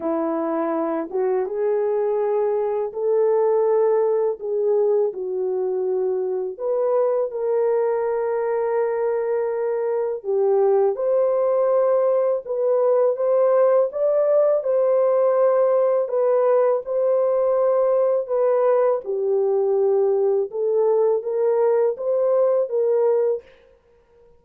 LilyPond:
\new Staff \with { instrumentName = "horn" } { \time 4/4 \tempo 4 = 82 e'4. fis'8 gis'2 | a'2 gis'4 fis'4~ | fis'4 b'4 ais'2~ | ais'2 g'4 c''4~ |
c''4 b'4 c''4 d''4 | c''2 b'4 c''4~ | c''4 b'4 g'2 | a'4 ais'4 c''4 ais'4 | }